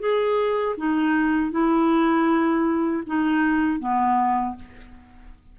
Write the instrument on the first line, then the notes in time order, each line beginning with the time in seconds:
clarinet
0.00 G#4
0.77 D#4
1.52 E4
3.07 D#4
3.80 B3